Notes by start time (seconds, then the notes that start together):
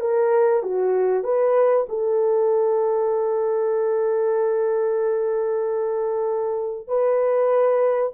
0.00 A#4
0.63 F#4
1.24 B4
1.89 A4
6.87 B4